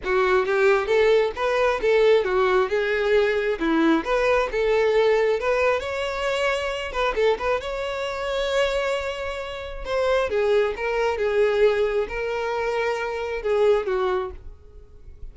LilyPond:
\new Staff \with { instrumentName = "violin" } { \time 4/4 \tempo 4 = 134 fis'4 g'4 a'4 b'4 | a'4 fis'4 gis'2 | e'4 b'4 a'2 | b'4 cis''2~ cis''8 b'8 |
a'8 b'8 cis''2.~ | cis''2 c''4 gis'4 | ais'4 gis'2 ais'4~ | ais'2 gis'4 fis'4 | }